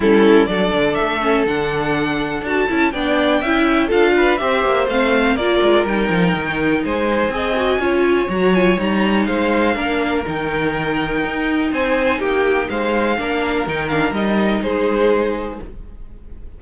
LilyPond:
<<
  \new Staff \with { instrumentName = "violin" } { \time 4/4 \tempo 4 = 123 a'4 d''4 e''4 fis''4~ | fis''4 a''4 g''2 | f''4 e''4 f''4 d''4 | g''2 gis''2~ |
gis''4 ais''8 gis''8 ais''4 f''4~ | f''4 g''2. | gis''4 g''4 f''2 | g''8 f''8 dis''4 c''2 | }
  \new Staff \with { instrumentName = "violin" } { \time 4/4 e'4 a'2.~ | a'2 d''4 e''4 | a'8 b'8 c''2 ais'4~ | ais'2 c''4 dis''4 |
cis''2. c''4 | ais'1 | c''4 g'4 c''4 ais'4~ | ais'2 gis'2 | }
  \new Staff \with { instrumentName = "viola" } { \time 4/4 cis'4 d'4. cis'8 d'4~ | d'4 fis'8 e'8 d'4 e'4 | f'4 g'4 c'4 f'4 | dis'2. gis'8 fis'8 |
f'4 fis'8 f'8 dis'2 | d'4 dis'2.~ | dis'2. d'4 | dis'8 d'8 dis'2. | }
  \new Staff \with { instrumentName = "cello" } { \time 4/4 g4 fis8 d8 a4 d4~ | d4 d'8 cis'8 b4 cis'4 | d'4 c'8 ais8 a4 ais8 gis8 | g8 f8 dis4 gis4 c'4 |
cis'4 fis4 g4 gis4 | ais4 dis2 dis'4 | c'4 ais4 gis4 ais4 | dis4 g4 gis2 | }
>>